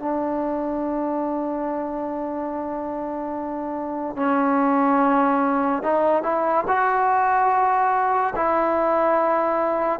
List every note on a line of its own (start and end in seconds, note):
0.00 4.17 D4
4.17 5.83 C#4
5.83 6.23 D#4
6.23 6.65 E4
6.68 8.34 F#4
8.36 10.00 E4